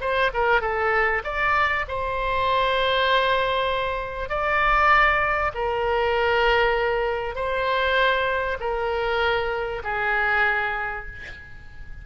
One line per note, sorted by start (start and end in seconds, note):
0.00 0.31 C5
0.33 0.61 A#4
0.61 1.22 A4
1.24 1.85 D5
1.88 4.29 C5
4.29 5.51 D5
5.54 7.35 A#4
7.35 8.57 C5
8.59 9.82 A#4
9.83 11.06 G#4